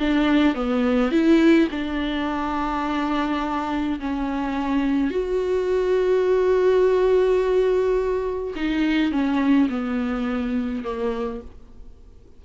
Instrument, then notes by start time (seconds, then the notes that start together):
viola
0.00 D4
0.55 B3
1.12 E4
1.71 D4
4.00 C#4
5.11 F#4
8.56 D#4
9.12 C#4
9.70 B3
10.84 A#3